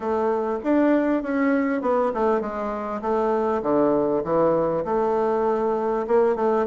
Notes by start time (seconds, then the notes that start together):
0.00 A3
0.63 D4
1.23 C#4
1.81 B3
2.13 A3
2.40 G#3
3.01 A3
3.62 D3
4.23 E3
4.85 A3
6.07 A#3
6.35 A3